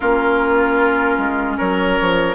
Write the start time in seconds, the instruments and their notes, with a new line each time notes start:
0.00 bassoon A#3, clarinet C#4, oboe F4, flute A#4
1.17 bassoon G#3
1.57 bassoon F#3, oboe A#4, flute C#5
2.00 bassoon F3